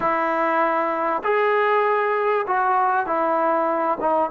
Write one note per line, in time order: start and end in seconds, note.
0.00 1.22 E4
1.23 2.46 G#4
2.47 3.06 F#4
3.06 3.98 E4
4.00 4.30 D#4